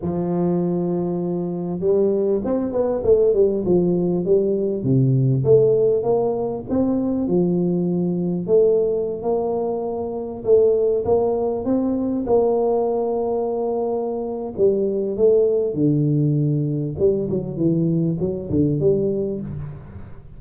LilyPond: \new Staff \with { instrumentName = "tuba" } { \time 4/4 \tempo 4 = 99 f2. g4 | c'8 b8 a8 g8 f4 g4 | c4 a4 ais4 c'4 | f2 a4~ a16 ais8.~ |
ais4~ ais16 a4 ais4 c'8.~ | c'16 ais2.~ ais8. | g4 a4 d2 | g8 fis8 e4 fis8 d8 g4 | }